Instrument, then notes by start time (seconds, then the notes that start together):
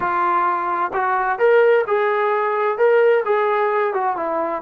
trombone
0.00 F4
0.93 F#4
1.38 A#4
1.87 G#4
2.77 A#4
3.25 G#4
3.93 F#4
4.16 E4